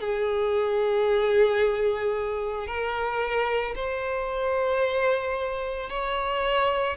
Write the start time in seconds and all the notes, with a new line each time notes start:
0.00 G#4
2.67 A#4
3.75 C5
5.90 C#5